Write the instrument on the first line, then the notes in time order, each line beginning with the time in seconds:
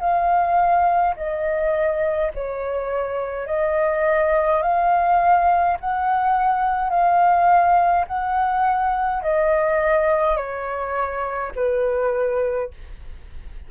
flute
0.00 F5
1.16 D#5
2.34 C#5
3.47 D#5
4.62 F5
5.81 F#5
6.90 F5
8.08 F#5
9.23 D#5
10.36 C#5
11.55 B4